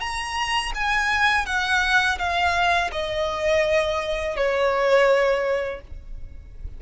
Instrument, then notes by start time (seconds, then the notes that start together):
violin
0.00 A#5
0.75 G#5
1.46 F#5
2.19 F5
2.92 D#5
4.36 C#5